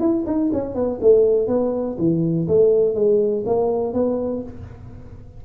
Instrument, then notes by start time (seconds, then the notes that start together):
tuba
0.00 E4
0.26 D#4
0.53 C#4
0.75 B3
1.01 A3
1.48 B3
1.99 E3
2.48 A3
2.95 G#3
3.46 A#3
3.93 B3